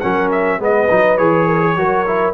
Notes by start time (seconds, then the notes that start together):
0.00 F#3 C#4 A#4 F#5
0.32 E5
0.59 G#3 B3 B4 D#5
0.90 F#3 D#4
1.17 E3 G#4 C#5
1.47 A#4
1.61 G#4
1.76 F#3 F#4 A#4
2.07 E4